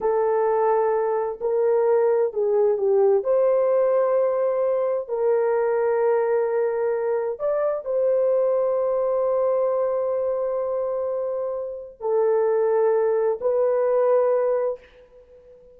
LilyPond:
\new Staff \with { instrumentName = "horn" } { \time 4/4 \tempo 4 = 130 a'2. ais'4~ | ais'4 gis'4 g'4 c''4~ | c''2. ais'4~ | ais'1 |
d''4 c''2.~ | c''1~ | c''2 a'2~ | a'4 b'2. | }